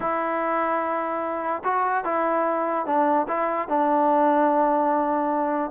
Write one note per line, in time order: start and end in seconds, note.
0.00 1.62 E4
1.64 2.04 F#4
2.04 2.86 E4
2.86 3.27 D4
3.28 3.68 E4
3.68 5.71 D4